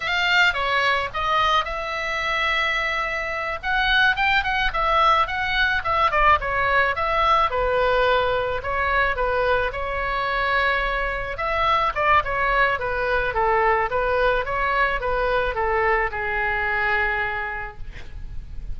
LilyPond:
\new Staff \with { instrumentName = "oboe" } { \time 4/4 \tempo 4 = 108 f''4 cis''4 dis''4 e''4~ | e''2~ e''8 fis''4 g''8 | fis''8 e''4 fis''4 e''8 d''8 cis''8~ | cis''8 e''4 b'2 cis''8~ |
cis''8 b'4 cis''2~ cis''8~ | cis''8 e''4 d''8 cis''4 b'4 | a'4 b'4 cis''4 b'4 | a'4 gis'2. | }